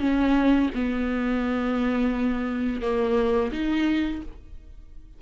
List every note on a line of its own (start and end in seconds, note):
0.00 0.70 C#4
0.75 2.82 B3
2.82 3.52 A#3
3.52 4.22 D#4